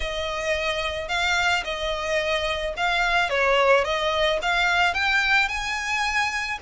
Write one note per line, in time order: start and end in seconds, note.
0.00 1.08 D#5
1.08 1.63 F5
1.64 2.74 D#5
2.76 3.29 F5
3.29 3.84 C#5
3.84 4.39 D#5
4.42 4.93 F5
4.93 5.48 G5
5.48 6.58 G#5